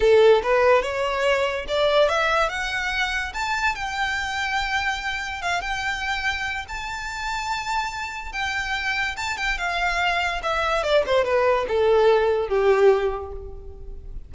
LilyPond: \new Staff \with { instrumentName = "violin" } { \time 4/4 \tempo 4 = 144 a'4 b'4 cis''2 | d''4 e''4 fis''2 | a''4 g''2.~ | g''4 f''8 g''2~ g''8 |
a''1 | g''2 a''8 g''8 f''4~ | f''4 e''4 d''8 c''8 b'4 | a'2 g'2 | }